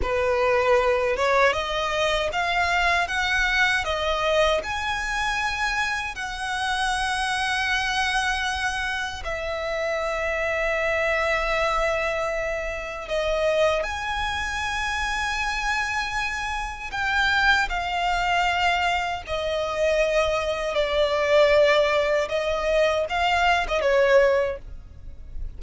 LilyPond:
\new Staff \with { instrumentName = "violin" } { \time 4/4 \tempo 4 = 78 b'4. cis''8 dis''4 f''4 | fis''4 dis''4 gis''2 | fis''1 | e''1~ |
e''4 dis''4 gis''2~ | gis''2 g''4 f''4~ | f''4 dis''2 d''4~ | d''4 dis''4 f''8. dis''16 cis''4 | }